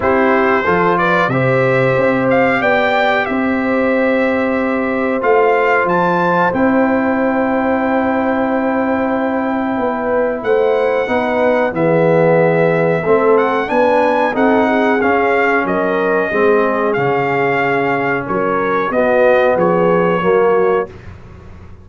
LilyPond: <<
  \new Staff \with { instrumentName = "trumpet" } { \time 4/4 \tempo 4 = 92 c''4. d''8 e''4. f''8 | g''4 e''2. | f''4 a''4 g''2~ | g''1 |
fis''2 e''2~ | e''8 fis''8 gis''4 fis''4 f''4 | dis''2 f''2 | cis''4 dis''4 cis''2 | }
  \new Staff \with { instrumentName = "horn" } { \time 4/4 g'4 a'8 b'8 c''2 | d''4 c''2.~ | c''1~ | c''2. b'4 |
c''4 b'4 gis'2 | a'4 b'4 a'8 gis'4. | ais'4 gis'2. | ais'4 fis'4 gis'4 fis'4 | }
  \new Staff \with { instrumentName = "trombone" } { \time 4/4 e'4 f'4 g'2~ | g'1 | f'2 e'2~ | e'1~ |
e'4 dis'4 b2 | c'4 d'4 dis'4 cis'4~ | cis'4 c'4 cis'2~ | cis'4 b2 ais4 | }
  \new Staff \with { instrumentName = "tuba" } { \time 4/4 c'4 f4 c4 c'4 | b4 c'2. | a4 f4 c'2~ | c'2. b4 |
a4 b4 e2 | a4 b4 c'4 cis'4 | fis4 gis4 cis2 | fis4 b4 f4 fis4 | }
>>